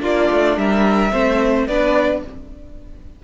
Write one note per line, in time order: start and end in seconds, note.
0.00 0.29 A#3
0.00 1.10 D4
0.00 0.58 F4
0.00 0.59 D5
0.31 0.57 A3
0.57 1.12 G3
0.57 1.12 A#4
0.57 1.68 E5
1.12 1.68 A3
1.12 1.68 C4
1.12 1.67 C5
1.68 2.23 B3
1.68 2.25 D4
1.68 2.23 B4
1.68 2.23 D5